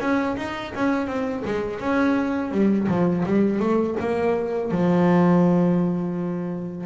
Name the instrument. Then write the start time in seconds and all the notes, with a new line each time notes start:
double bass
0.00 C#4
0.36 D#4
0.74 C#4
1.07 C4
1.45 G#3
1.80 C#4
2.51 G3
2.88 F3
3.25 G3
3.59 A3
4.00 A#3
4.71 F3